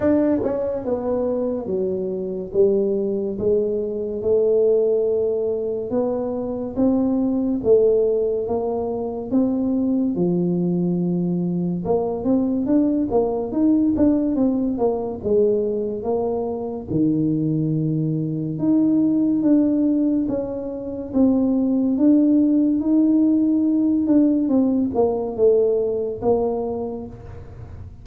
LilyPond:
\new Staff \with { instrumentName = "tuba" } { \time 4/4 \tempo 4 = 71 d'8 cis'8 b4 fis4 g4 | gis4 a2 b4 | c'4 a4 ais4 c'4 | f2 ais8 c'8 d'8 ais8 |
dis'8 d'8 c'8 ais8 gis4 ais4 | dis2 dis'4 d'4 | cis'4 c'4 d'4 dis'4~ | dis'8 d'8 c'8 ais8 a4 ais4 | }